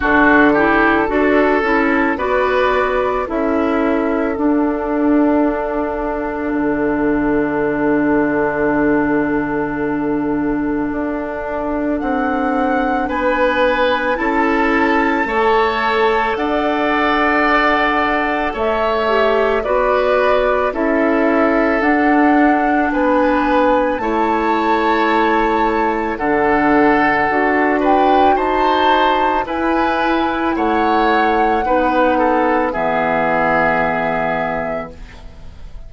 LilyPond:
<<
  \new Staff \with { instrumentName = "flute" } { \time 4/4 \tempo 4 = 55 a'2 d''4 e''4 | f''1~ | f''2. fis''4 | gis''4 a''2 fis''4~ |
fis''4 e''4 d''4 e''4 | fis''4 gis''4 a''2 | fis''4. g''8 a''4 gis''4 | fis''2 e''2 | }
  \new Staff \with { instrumentName = "oboe" } { \time 4/4 fis'8 g'8 a'4 b'4 a'4~ | a'1~ | a'1 | b'4 a'4 cis''4 d''4~ |
d''4 cis''4 b'4 a'4~ | a'4 b'4 cis''2 | a'4. b'8 c''4 b'4 | cis''4 b'8 a'8 gis'2 | }
  \new Staff \with { instrumentName = "clarinet" } { \time 4/4 d'8 e'8 fis'8 e'8 fis'4 e'4 | d'1~ | d'1~ | d'4 e'4 a'2~ |
a'4. g'8 fis'4 e'4 | d'2 e'2 | d'4 fis'2 e'4~ | e'4 dis'4 b2 | }
  \new Staff \with { instrumentName = "bassoon" } { \time 4/4 d4 d'8 cis'8 b4 cis'4 | d'2 d2~ | d2 d'4 c'4 | b4 cis'4 a4 d'4~ |
d'4 a4 b4 cis'4 | d'4 b4 a2 | d4 d'4 dis'4 e'4 | a4 b4 e2 | }
>>